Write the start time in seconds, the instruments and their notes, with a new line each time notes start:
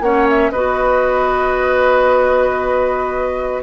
0.00 bassoon A#3, clarinet C#4, oboe C#5, flute F#5
0.29 flute E5
0.51 bassoon B3, clarinet F#4, oboe B4, flute D#5